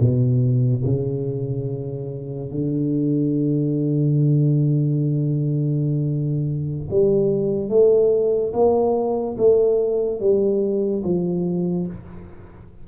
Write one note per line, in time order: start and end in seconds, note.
0.00 0.83 B2
0.85 2.51 C#3
2.51 6.88 D3
6.91 7.69 G3
7.69 8.53 A3
8.53 9.37 A#3
9.38 10.20 A3
10.20 11.03 G3
11.04 11.87 F3